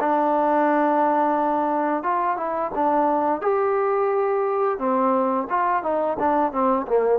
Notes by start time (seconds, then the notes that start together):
0.00 D4
2.03 F4
2.36 E4
2.75 D4
3.41 G4
4.78 C4
5.49 F4
5.82 D#4
6.19 D4
6.52 C4
6.87 A#3